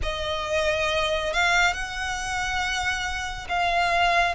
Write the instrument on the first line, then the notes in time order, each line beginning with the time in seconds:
violin
0.02 D#5
1.33 F5
1.73 F#5
3.48 F5